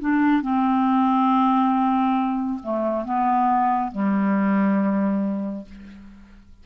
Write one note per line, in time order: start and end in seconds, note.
0.00 0.42 D4
0.42 2.59 C4
2.63 3.05 A3
3.05 3.91 B3
3.91 5.65 G3